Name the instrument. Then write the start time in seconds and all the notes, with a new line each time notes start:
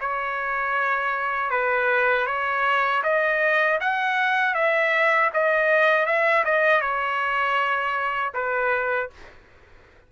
trumpet
0.00 C#5
1.50 B4
2.26 C#5
3.03 D#5
3.80 F#5
4.54 E5
5.33 D#5
6.06 E5
6.45 D#5
6.81 C#5
8.33 B4